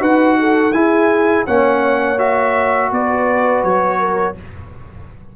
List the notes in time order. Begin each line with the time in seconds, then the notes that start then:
0.00 D#4 F#4 B4 F#5
0.40 A4
0.73 E4 G#4 G#5
1.46 A#3 C#4 C#5 F#5
2.19 F#4 E5
2.92 B3 B4 D5
3.64 F#3 C#5
4.00 A#4